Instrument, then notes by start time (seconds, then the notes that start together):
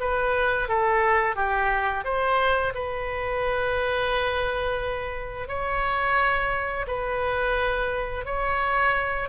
oboe
0.00 B4
0.68 A4
1.35 G4
2.04 C5
2.74 B4
5.48 C#5
6.87 B4
8.25 C#5